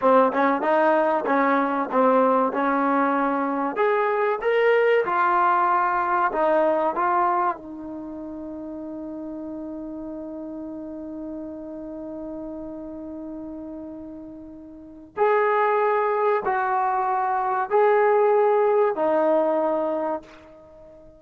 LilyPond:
\new Staff \with { instrumentName = "trombone" } { \time 4/4 \tempo 4 = 95 c'8 cis'8 dis'4 cis'4 c'4 | cis'2 gis'4 ais'4 | f'2 dis'4 f'4 | dis'1~ |
dis'1~ | dis'1 | gis'2 fis'2 | gis'2 dis'2 | }